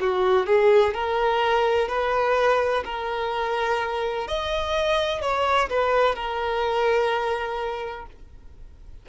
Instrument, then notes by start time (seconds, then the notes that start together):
violin
0.00 F#4
0.46 G#4
0.94 A#4
1.88 B4
2.84 A#4
4.27 D#5
5.22 C#5
5.70 B4
6.15 A#4